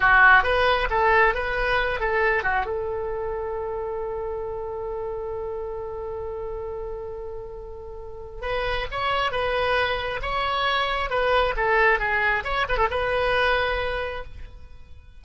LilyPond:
\new Staff \with { instrumentName = "oboe" } { \time 4/4 \tempo 4 = 135 fis'4 b'4 a'4 b'4~ | b'8 a'4 fis'8 a'2~ | a'1~ | a'1~ |
a'2. b'4 | cis''4 b'2 cis''4~ | cis''4 b'4 a'4 gis'4 | cis''8 b'16 a'16 b'2. | }